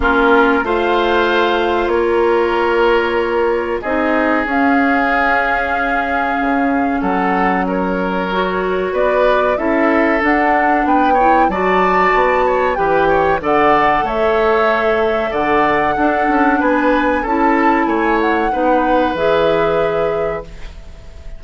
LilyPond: <<
  \new Staff \with { instrumentName = "flute" } { \time 4/4 \tempo 4 = 94 ais'4 f''2 cis''4~ | cis''2 dis''4 f''4~ | f''2. fis''4 | cis''2 d''4 e''4 |
fis''4 g''4 a''2 | g''4 fis''4 e''2 | fis''2 gis''4 a''4 | gis''8 fis''4. e''2 | }
  \new Staff \with { instrumentName = "oboe" } { \time 4/4 f'4 c''2 ais'4~ | ais'2 gis'2~ | gis'2. a'4 | ais'2 b'4 a'4~ |
a'4 b'8 cis''8 d''4. cis''8 | b'8 cis''8 d''4 cis''2 | d''4 a'4 b'4 a'4 | cis''4 b'2. | }
  \new Staff \with { instrumentName = "clarinet" } { \time 4/4 cis'4 f'2.~ | f'2 dis'4 cis'4~ | cis'1~ | cis'4 fis'2 e'4 |
d'4. e'8 fis'2 | g'4 a'2.~ | a'4 d'2 e'4~ | e'4 dis'4 gis'2 | }
  \new Staff \with { instrumentName = "bassoon" } { \time 4/4 ais4 a2 ais4~ | ais2 c'4 cis'4~ | cis'2 cis4 fis4~ | fis2 b4 cis'4 |
d'4 b4 fis4 b4 | e4 d4 a2 | d4 d'8 cis'8 b4 cis'4 | a4 b4 e2 | }
>>